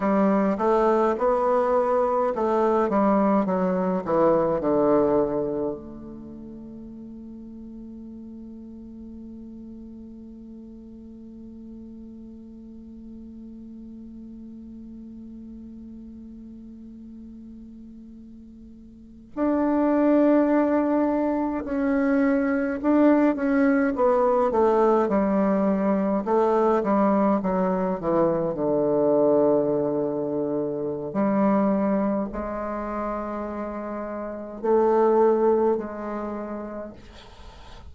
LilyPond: \new Staff \with { instrumentName = "bassoon" } { \time 4/4 \tempo 4 = 52 g8 a8 b4 a8 g8 fis8 e8 | d4 a2.~ | a1~ | a1~ |
a8. d'2 cis'4 d'16~ | d'16 cis'8 b8 a8 g4 a8 g8 fis16~ | fis16 e8 d2~ d16 g4 | gis2 a4 gis4 | }